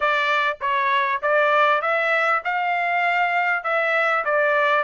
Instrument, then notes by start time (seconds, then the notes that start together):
trumpet
0.00 D5
0.61 C#5
1.21 D5
1.81 E5
2.44 F5
3.63 E5
4.24 D5